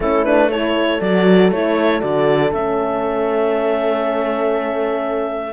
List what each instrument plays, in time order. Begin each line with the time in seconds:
0.00 cello A3, horn C#4 E4, clarinet A4
0.24 horn D4, clarinet B4
0.51 horn E4 A4, clarinet C#5
1.01 cello F#3, horn F#4, clarinet D5
1.51 cello A3, horn E4, clarinet C#5
2.00 cello D3, horn F#4, clarinet D5
2.51 cello A3, horn C#4, clarinet E5